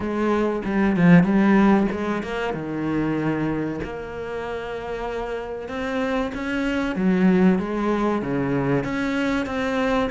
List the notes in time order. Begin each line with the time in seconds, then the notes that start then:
0.00 G#3
0.65 G3
0.96 F3
1.23 G3
1.91 G#3
2.22 A#3
2.53 D#3
3.83 A#3
5.68 C4
6.34 C#4
6.95 F#3
7.58 G#3
8.21 C#3
8.83 C#4
9.46 C4